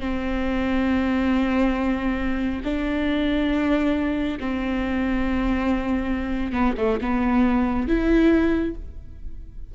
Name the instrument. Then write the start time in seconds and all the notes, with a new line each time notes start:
viola
0.00 C4
2.64 D4
4.40 C4
6.52 B3
6.77 A3
7.01 B3
7.88 E4